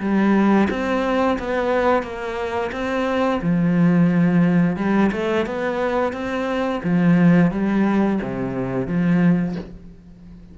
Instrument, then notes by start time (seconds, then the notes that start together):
cello
0.00 G3
0.70 C4
1.39 B3
2.03 A#3
2.72 C4
3.42 F3
4.77 G3
5.12 A3
5.46 B3
6.13 C4
6.84 F3
7.52 G3
8.22 C3
8.87 F3